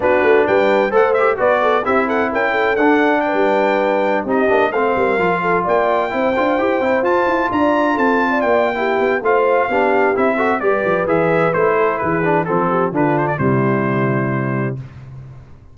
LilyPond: <<
  \new Staff \with { instrumentName = "trumpet" } { \time 4/4 \tempo 4 = 130 b'4 g''4 fis''8 e''8 d''4 | e''8 fis''8 g''4 fis''4 g''4~ | g''4~ g''16 dis''4 f''4.~ f''16~ | f''16 g''2. a''8.~ |
a''16 ais''4 a''4 g''4.~ g''16 | f''2 e''4 d''4 | e''4 c''4 b'4 a'4 | b'8 c''16 d''16 c''2. | }
  \new Staff \with { instrumentName = "horn" } { \time 4/4 fis'4 b'4 c''4 b'8 a'8 | g'8 a'8 ais'8 a'4. b'4~ | b'4~ b'16 g'4 c''8 ais'4 a'16~ | a'16 d''4 c''2~ c''8.~ |
c''16 d''4 a'8. d''4 g'4 | c''4 g'4. a'8 b'4~ | b'4. a'8 gis'4 a'8 g'8 | f'4 e'2. | }
  \new Staff \with { instrumentName = "trombone" } { \time 4/4 d'2 a'8 g'8 fis'4 | e'2 d'2~ | d'4~ d'16 dis'8 d'8 c'4 f'8.~ | f'4~ f'16 e'8 f'8 g'8 e'8 f'8.~ |
f'2. e'4 | f'4 d'4 e'8 fis'8 g'4 | gis'4 e'4. d'8 c'4 | d'4 g2. | }
  \new Staff \with { instrumentName = "tuba" } { \time 4/4 b8 a8 g4 a4 b4 | c'4 cis'4 d'4~ d'16 g8.~ | g4~ g16 c'8 ais8 a8 g8 f8.~ | f16 ais4 c'8 d'8 e'8 c'8 f'8 e'16~ |
e'16 d'4 c'4 ais4~ ais16 b8 | a4 b4 c'4 g8 f8 | e4 a4 e4 f4 | d4 c2. | }
>>